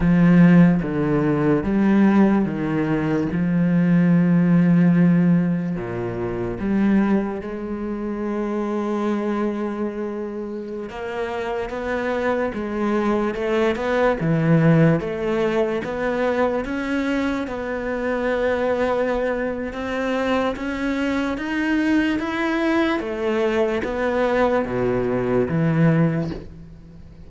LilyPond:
\new Staff \with { instrumentName = "cello" } { \time 4/4 \tempo 4 = 73 f4 d4 g4 dis4 | f2. ais,4 | g4 gis2.~ | gis4~ gis16 ais4 b4 gis8.~ |
gis16 a8 b8 e4 a4 b8.~ | b16 cis'4 b2~ b8. | c'4 cis'4 dis'4 e'4 | a4 b4 b,4 e4 | }